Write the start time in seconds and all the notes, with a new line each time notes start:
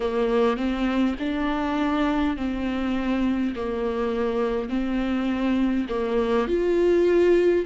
0.00 A#3
0.56 C4
1.19 D4
2.36 C4
3.55 A#3
4.68 C4
5.89 A#3
6.47 F4